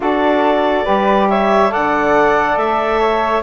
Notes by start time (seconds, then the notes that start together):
0.00 D4 F#4 A4 D5
0.84 G3 G4 B4
1.29 C#5 E5
1.68 D3 A4 D5 F#5
2.56 A3 E5
2.99 C#5